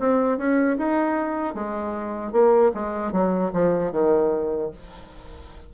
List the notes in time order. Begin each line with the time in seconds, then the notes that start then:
0.00 C4
0.38 C#4
0.78 D#4
1.55 G#3
2.33 A#3
2.75 G#3
3.13 F#3
3.53 F3
3.93 D#3